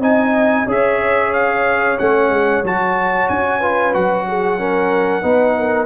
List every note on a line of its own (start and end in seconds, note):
0.00 0.65 C4
0.00 0.66 D#4
0.00 0.67 D#5
0.00 0.68 G#5
0.67 1.98 C#4
0.67 1.99 G#4
0.67 3.60 C#5
0.67 1.33 E5
1.33 1.99 F5
1.99 2.30 A3
1.99 2.64 C#4
1.99 2.64 F#5
2.30 2.63 G#3
2.64 3.29 F#3
2.64 3.62 F#4
2.64 3.29 A5
3.29 3.95 C#4
3.29 3.94 G#5
3.60 3.93 F4
3.60 4.25 B4
3.93 5.24 F#3
3.93 4.59 F#4
3.93 5.86 F#5
4.28 4.60 G#4
4.59 5.23 C#4
4.59 5.22 A#4
5.22 5.86 B3
5.22 5.86 D#4
5.22 5.55 B4
5.58 5.86 A#4